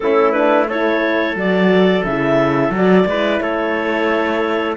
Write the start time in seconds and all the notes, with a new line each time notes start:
0.00 A3 C#4 E4 A4
0.32 D4 B4
0.68 E4 A4 C#5
1.35 F#3 F#4 D5
2.04 C#3 E4 E5
2.70 F#3 F#4
2.76 D5
3.06 G#3 E4 B4
3.40 A3 A4 C#5